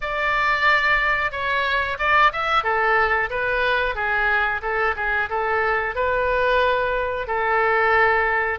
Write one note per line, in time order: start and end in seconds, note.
0.01 1.31 D5
1.31 1.97 C#5
1.98 2.31 D5
2.32 2.63 E5
2.63 3.29 A4
3.30 3.95 B4
3.95 4.61 G#4
4.62 4.95 A4
4.96 5.29 G#4
5.29 5.95 A4
5.95 7.27 B4
7.27 8.59 A4